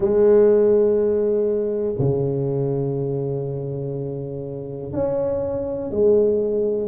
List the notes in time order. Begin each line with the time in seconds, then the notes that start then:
0.00 G#3
1.99 C#3
4.92 C#4
5.91 G#3